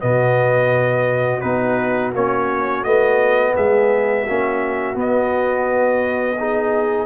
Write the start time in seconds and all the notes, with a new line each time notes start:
0.00 B2 B3 F#4 D#5
1.40 B3 D#4 B4
2.13 A#3 C#4 C#5
2.83 A3 B3 D#5
3.55 G#3 G#4 E5
4.23 A#3 C#4 F#4
4.94 B3 D#5
6.38 D#4 G#4